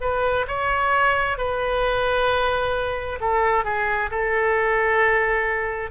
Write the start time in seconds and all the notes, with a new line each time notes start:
0.00 B4
0.48 C#5
1.37 B4
3.20 A4
3.64 G#4
4.10 A4